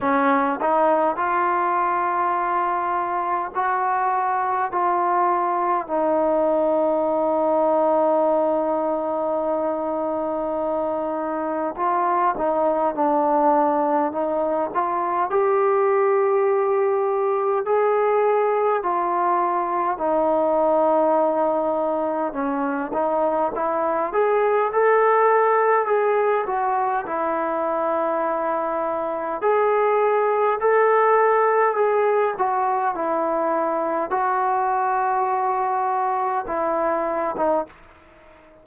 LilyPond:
\new Staff \with { instrumentName = "trombone" } { \time 4/4 \tempo 4 = 51 cis'8 dis'8 f'2 fis'4 | f'4 dis'2.~ | dis'2 f'8 dis'8 d'4 | dis'8 f'8 g'2 gis'4 |
f'4 dis'2 cis'8 dis'8 | e'8 gis'8 a'4 gis'8 fis'8 e'4~ | e'4 gis'4 a'4 gis'8 fis'8 | e'4 fis'2 e'8. dis'16 | }